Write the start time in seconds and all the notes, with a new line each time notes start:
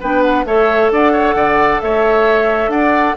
0.00 B3 D4 B4 G5
0.22 F#5
0.45 A3 A4 C#5 E5
0.91 D4 D5 F#5
1.12 C#5
1.35 D3 D5
1.81 A3 C#5 E5
2.68 D4 D5 F#5